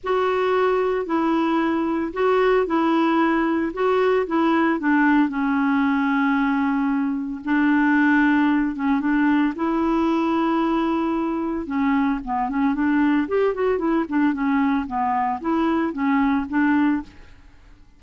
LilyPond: \new Staff \with { instrumentName = "clarinet" } { \time 4/4 \tempo 4 = 113 fis'2 e'2 | fis'4 e'2 fis'4 | e'4 d'4 cis'2~ | cis'2 d'2~ |
d'8 cis'8 d'4 e'2~ | e'2 cis'4 b8 cis'8 | d'4 g'8 fis'8 e'8 d'8 cis'4 | b4 e'4 cis'4 d'4 | }